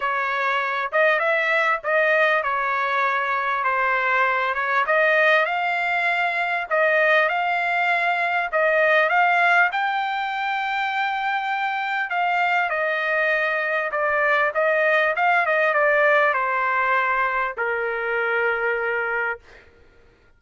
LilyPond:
\new Staff \with { instrumentName = "trumpet" } { \time 4/4 \tempo 4 = 99 cis''4. dis''8 e''4 dis''4 | cis''2 c''4. cis''8 | dis''4 f''2 dis''4 | f''2 dis''4 f''4 |
g''1 | f''4 dis''2 d''4 | dis''4 f''8 dis''8 d''4 c''4~ | c''4 ais'2. | }